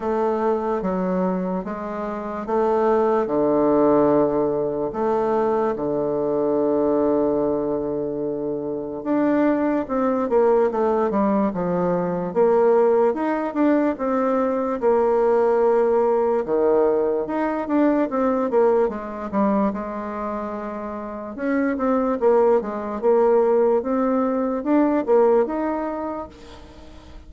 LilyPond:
\new Staff \with { instrumentName = "bassoon" } { \time 4/4 \tempo 4 = 73 a4 fis4 gis4 a4 | d2 a4 d4~ | d2. d'4 | c'8 ais8 a8 g8 f4 ais4 |
dis'8 d'8 c'4 ais2 | dis4 dis'8 d'8 c'8 ais8 gis8 g8 | gis2 cis'8 c'8 ais8 gis8 | ais4 c'4 d'8 ais8 dis'4 | }